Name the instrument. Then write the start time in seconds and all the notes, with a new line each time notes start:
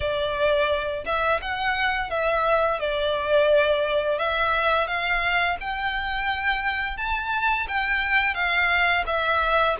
violin
0.00 D5
1.05 E5
1.41 F#5
2.10 E5
2.79 D5
4.18 E5
4.87 F5
5.60 G5
6.97 A5
7.67 G5
8.34 F5
9.06 E5